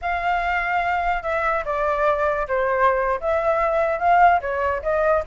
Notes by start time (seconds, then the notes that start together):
0.01 F5
1.22 E5
1.64 D5
2.48 C5
3.20 E5
3.99 F5
4.41 C#5
4.82 D#5